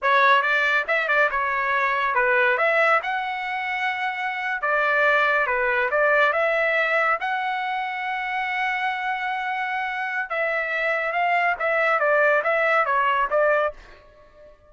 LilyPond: \new Staff \with { instrumentName = "trumpet" } { \time 4/4 \tempo 4 = 140 cis''4 d''4 e''8 d''8 cis''4~ | cis''4 b'4 e''4 fis''4~ | fis''2~ fis''8. d''4~ d''16~ | d''8. b'4 d''4 e''4~ e''16~ |
e''8. fis''2.~ fis''16~ | fis''1 | e''2 f''4 e''4 | d''4 e''4 cis''4 d''4 | }